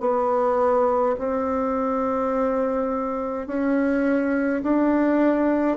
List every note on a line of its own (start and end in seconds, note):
0.00 1.15 B3
1.19 3.47 C4
3.47 4.62 C#4
4.63 5.77 D4